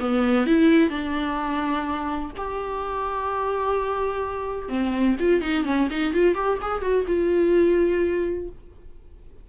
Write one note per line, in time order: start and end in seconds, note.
0.00 0.47 B3
0.47 0.90 E4
0.90 2.32 D4
2.38 4.69 G4
4.69 5.16 C4
5.20 5.42 F4
5.42 5.65 D#4
5.65 5.89 C#4
5.91 6.14 D#4
6.14 6.35 F4
6.35 6.59 G4
6.62 6.82 G#4
6.82 7.06 F#4
7.08 8.50 F4